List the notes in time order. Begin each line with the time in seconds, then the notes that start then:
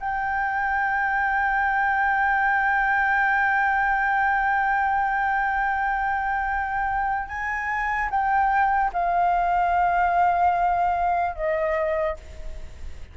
0.00 G5
7.29 G#5
8.10 G5
8.93 F5
11.36 D#5